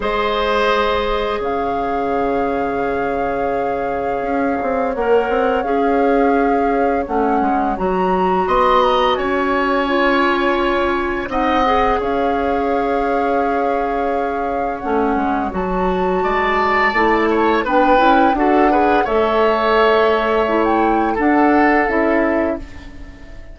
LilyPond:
<<
  \new Staff \with { instrumentName = "flute" } { \time 4/4 \tempo 4 = 85 dis''2 f''2~ | f''2. fis''4 | f''2 fis''4 ais''4 | c'''8 ais''8 gis''2. |
fis''4 f''2.~ | f''4 fis''4 a''2~ | a''4 g''4 fis''4 e''4~ | e''4~ e''16 g''8. fis''4 e''4 | }
  \new Staff \with { instrumentName = "oboe" } { \time 4/4 c''2 cis''2~ | cis''1~ | cis''1 | dis''4 cis''2. |
dis''4 cis''2.~ | cis''2. d''4~ | d''8 cis''8 b'4 a'8 b'8 cis''4~ | cis''2 a'2 | }
  \new Staff \with { instrumentName = "clarinet" } { \time 4/4 gis'1~ | gis'2. ais'4 | gis'2 cis'4 fis'4~ | fis'2 f'2 |
dis'8 gis'2.~ gis'8~ | gis'4 cis'4 fis'2 | e'4 d'8 e'8 fis'8 gis'8 a'4~ | a'4 e'4 d'4 e'4 | }
  \new Staff \with { instrumentName = "bassoon" } { \time 4/4 gis2 cis2~ | cis2 cis'8 c'8 ais8 c'8 | cis'2 a8 gis8 fis4 | b4 cis'2. |
c'4 cis'2.~ | cis'4 a8 gis8 fis4 gis4 | a4 b8 cis'8 d'4 a4~ | a2 d'4 cis'4 | }
>>